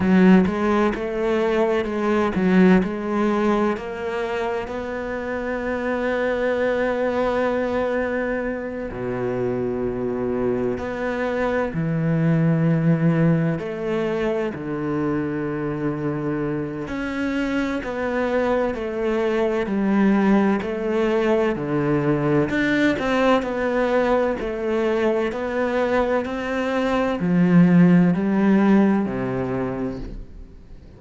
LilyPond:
\new Staff \with { instrumentName = "cello" } { \time 4/4 \tempo 4 = 64 fis8 gis8 a4 gis8 fis8 gis4 | ais4 b2.~ | b4. b,2 b8~ | b8 e2 a4 d8~ |
d2 cis'4 b4 | a4 g4 a4 d4 | d'8 c'8 b4 a4 b4 | c'4 f4 g4 c4 | }